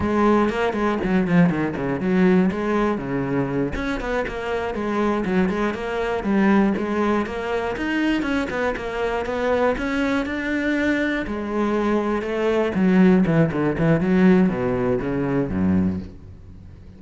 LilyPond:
\new Staff \with { instrumentName = "cello" } { \time 4/4 \tempo 4 = 120 gis4 ais8 gis8 fis8 f8 dis8 cis8 | fis4 gis4 cis4. cis'8 | b8 ais4 gis4 fis8 gis8 ais8~ | ais8 g4 gis4 ais4 dis'8~ |
dis'8 cis'8 b8 ais4 b4 cis'8~ | cis'8 d'2 gis4.~ | gis8 a4 fis4 e8 d8 e8 | fis4 b,4 cis4 fis,4 | }